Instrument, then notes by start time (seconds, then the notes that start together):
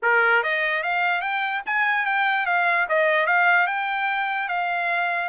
trumpet
0.02 A#4
0.43 D#5
0.83 F5
1.21 G5
1.65 G#5
2.05 G5
2.46 F5
2.88 D#5
3.26 F5
3.66 G5
4.48 F5